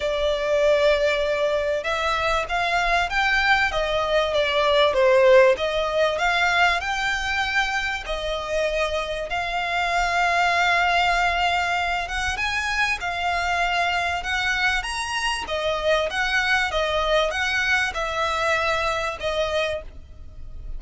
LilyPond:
\new Staff \with { instrumentName = "violin" } { \time 4/4 \tempo 4 = 97 d''2. e''4 | f''4 g''4 dis''4 d''4 | c''4 dis''4 f''4 g''4~ | g''4 dis''2 f''4~ |
f''2.~ f''8 fis''8 | gis''4 f''2 fis''4 | ais''4 dis''4 fis''4 dis''4 | fis''4 e''2 dis''4 | }